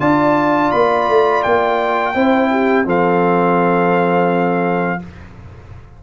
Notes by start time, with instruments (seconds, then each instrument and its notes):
0.00 tuba D4, trombone F4, horn D5, trumpet A5
0.72 tuba A#3, trumpet B5
1.08 tuba A3
1.43 tuba A#3, trumpet G5
2.15 tuba C4, trombone E4, horn C5
2.51 horn G4
2.86 tuba F3, trombone C4, horn A4, trumpet F5